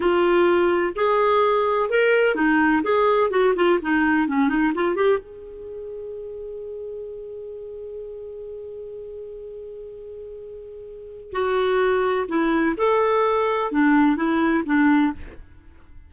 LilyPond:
\new Staff \with { instrumentName = "clarinet" } { \time 4/4 \tempo 4 = 127 f'2 gis'2 | ais'4 dis'4 gis'4 fis'8 f'8 | dis'4 cis'8 dis'8 f'8 g'8 gis'4~ | gis'1~ |
gis'1~ | gis'1 | fis'2 e'4 a'4~ | a'4 d'4 e'4 d'4 | }